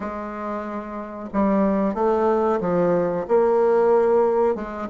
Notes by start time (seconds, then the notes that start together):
0.00 G#3
1.33 G3
1.94 A3
2.60 F3
3.28 A#3
4.55 G#3